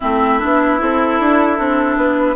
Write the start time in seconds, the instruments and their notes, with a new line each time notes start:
0.00 bassoon A3, clarinet C4, oboe E4, flute E5
0.39 bassoon B3, clarinet D4
0.78 bassoon C4, clarinet E4, flute A4
1.20 bassoon D4
1.57 bassoon C4, clarinet D4
1.96 bassoon B3, flute B4